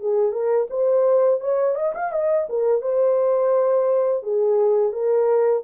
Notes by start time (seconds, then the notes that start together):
0.00 G#4
0.32 A#4
0.70 C5
1.40 C#5
1.75 D#5
1.95 F5
2.12 D#5
2.49 A#4
2.81 C5
4.23 G#4
4.93 A#4